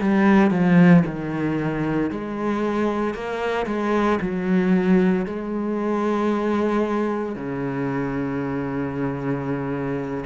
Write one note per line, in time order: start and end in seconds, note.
0.00 0.50 G3
0.50 1.03 F3
1.06 2.10 D#3
2.10 3.14 G#3
3.14 3.66 A#3
3.66 4.19 G#3
4.21 5.25 F#3
5.25 7.35 G#3
7.35 10.24 C#3